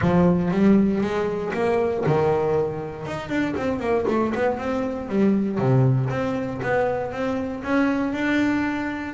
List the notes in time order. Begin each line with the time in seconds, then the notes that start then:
0.01 F3
0.51 G3
1.01 G#3
1.53 A#3
2.06 D#3
3.06 D#4
3.29 D4
3.56 C4
3.79 A#3
4.07 A3
4.35 B3
4.58 C4
5.08 G3
5.58 C3
6.10 C4
6.62 B3
7.12 C4
7.63 C#4
8.12 D4